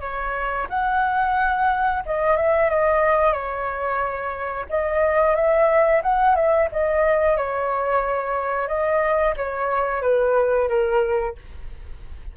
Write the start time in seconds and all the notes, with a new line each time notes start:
0.00 C#5
0.69 F#5
2.05 D#5
2.36 E5
2.70 D#5
3.32 C#5
4.69 D#5
5.35 E5
6.02 F#5
6.35 E5
6.72 D#5
7.37 C#5
8.68 D#5
9.36 C#5
10.02 B4
10.68 A#4